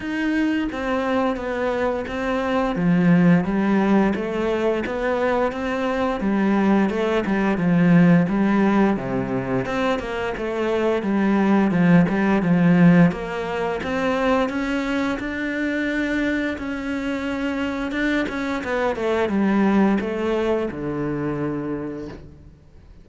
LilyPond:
\new Staff \with { instrumentName = "cello" } { \time 4/4 \tempo 4 = 87 dis'4 c'4 b4 c'4 | f4 g4 a4 b4 | c'4 g4 a8 g8 f4 | g4 c4 c'8 ais8 a4 |
g4 f8 g8 f4 ais4 | c'4 cis'4 d'2 | cis'2 d'8 cis'8 b8 a8 | g4 a4 d2 | }